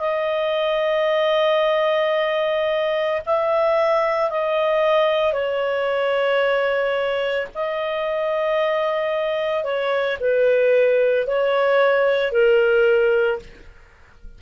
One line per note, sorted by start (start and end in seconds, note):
0.00 3.21 D#5
3.26 4.31 E5
4.31 5.33 D#5
5.33 7.48 C#5
7.55 9.64 D#5
9.64 10.17 C#5
10.21 11.27 B4
11.27 12.32 C#5
12.32 13.39 A#4